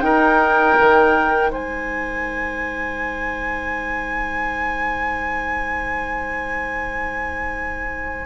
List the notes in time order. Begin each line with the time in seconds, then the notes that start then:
0.00 D#4 A#4 G5
0.79 D#3
1.51 G#3 C5 G#5